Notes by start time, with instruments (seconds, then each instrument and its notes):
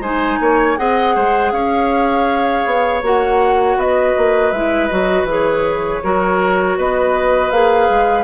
0.00 bassoon G#3, clarinet D#4, oboe C5, flute G#5
0.40 bassoon A#3, oboe C#5
0.77 bassoon C4, clarinet G#4, oboe D#5, flute F#5
1.15 bassoon G#3, oboe C5
1.52 bassoon C#4, oboe C#5, flute F5
2.66 bassoon B3
3.03 bassoon A#3, clarinet F#4, flute F#5
3.77 bassoon B3, oboe B4, flute D#5
4.17 bassoon A#3
4.52 bassoon G#3, clarinet E4, flute E5
4.88 bassoon F#3, clarinet F#4, flute D#5
5.24 bassoon E3, clarinet G#4
5.31 flute C#5
6.04 bassoon F#3, clarinet F#4, oboe A#4
6.77 bassoon B3, oboe B4, flute D#5
7.51 bassoon A#3, clarinet G#4, flute F5
7.90 bassoon G#3